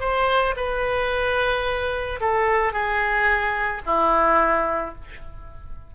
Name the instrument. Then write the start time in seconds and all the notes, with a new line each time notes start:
oboe
0.00 C5
0.57 B4
2.21 A4
2.73 G#4
3.86 E4